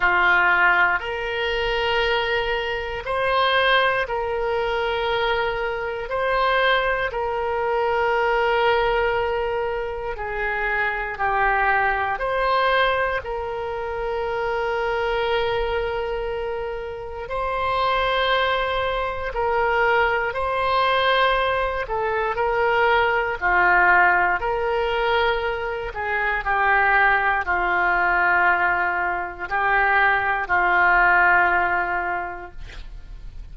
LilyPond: \new Staff \with { instrumentName = "oboe" } { \time 4/4 \tempo 4 = 59 f'4 ais'2 c''4 | ais'2 c''4 ais'4~ | ais'2 gis'4 g'4 | c''4 ais'2.~ |
ais'4 c''2 ais'4 | c''4. a'8 ais'4 f'4 | ais'4. gis'8 g'4 f'4~ | f'4 g'4 f'2 | }